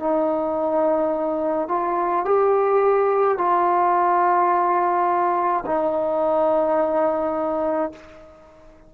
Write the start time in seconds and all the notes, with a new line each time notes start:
0.00 D#4
1.69 F4
2.25 G4
3.38 F4
5.66 D#4